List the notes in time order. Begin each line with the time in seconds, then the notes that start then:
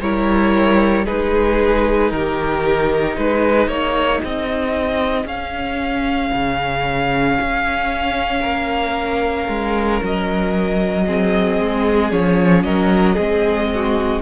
0.00 G3 E4 A#4 C#5
1.05 G#3 D#4 G#4 B4
2.11 D#3 G4 A#4
3.17 G#3 G#4 B4
3.67 A#3 C#5
4.24 C4 D#5
5.25 C#4 F5
6.32 C#3
7.40 C#4
8.41 A#3 A#4
9.48 G#3
10.03 F#3 D#5
11.06 C4 G#4
11.59 G#3
12.11 F3 C#4 C#5
12.63 F#3 A#4 D#5
13.14 G#3 C4 G#4
13.74 F#4